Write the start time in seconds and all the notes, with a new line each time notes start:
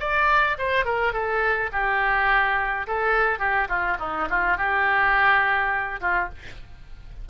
0.00 D5
0.59 C5
0.85 A#4
1.13 A4
1.72 G4
2.87 A4
3.39 G4
3.69 F4
4.00 D#4
4.30 F4
4.58 G4
6.01 F4